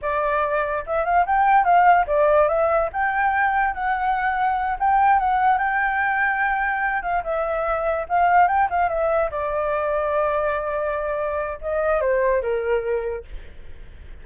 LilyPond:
\new Staff \with { instrumentName = "flute" } { \time 4/4 \tempo 4 = 145 d''2 e''8 f''8 g''4 | f''4 d''4 e''4 g''4~ | g''4 fis''2~ fis''8 g''8~ | g''8 fis''4 g''2~ g''8~ |
g''4 f''8 e''2 f''8~ | f''8 g''8 f''8 e''4 d''4.~ | d''1 | dis''4 c''4 ais'2 | }